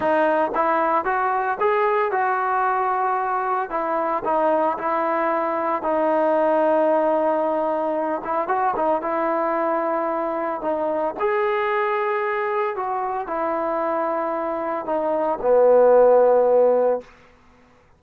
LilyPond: \new Staff \with { instrumentName = "trombone" } { \time 4/4 \tempo 4 = 113 dis'4 e'4 fis'4 gis'4 | fis'2. e'4 | dis'4 e'2 dis'4~ | dis'2.~ dis'8 e'8 |
fis'8 dis'8 e'2. | dis'4 gis'2. | fis'4 e'2. | dis'4 b2. | }